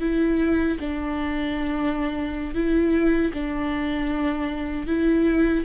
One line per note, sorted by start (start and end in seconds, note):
0.00 0.78 E4
0.80 2.54 D4
2.54 3.32 E4
3.33 4.87 D4
4.87 5.64 E4